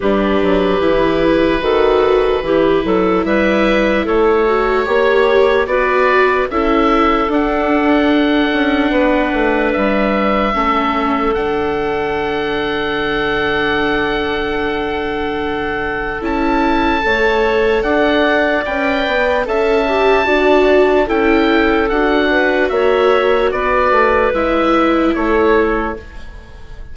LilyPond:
<<
  \new Staff \with { instrumentName = "oboe" } { \time 4/4 \tempo 4 = 74 b'1 | e''4 cis''2 d''4 | e''4 fis''2. | e''2 fis''2~ |
fis''1 | a''2 fis''4 g''4 | a''2 g''4 fis''4 | e''4 d''4 e''4 cis''4 | }
  \new Staff \with { instrumentName = "clarinet" } { \time 4/4 g'2 a'4 g'8 a'8 | b'4 a'4 cis''4 b'4 | a'2. b'4~ | b'4 a'2.~ |
a'1~ | a'4 cis''4 d''2 | e''4 d''4 a'4. b'8 | cis''4 b'2 a'4 | }
  \new Staff \with { instrumentName = "viola" } { \time 4/4 d'4 e'4 fis'4 e'4~ | e'4. fis'8 g'4 fis'4 | e'4 d'2.~ | d'4 cis'4 d'2~ |
d'1 | e'4 a'2 b'4 | a'8 g'8 fis'4 e'4 fis'4~ | fis'2 e'2 | }
  \new Staff \with { instrumentName = "bassoon" } { \time 4/4 g8 fis8 e4 dis4 e8 fis8 | g4 a4 ais4 b4 | cis'4 d'4. cis'8 b8 a8 | g4 a4 d2~ |
d1 | cis'4 a4 d'4 cis'8 b8 | cis'4 d'4 cis'4 d'4 | ais4 b8 a8 gis4 a4 | }
>>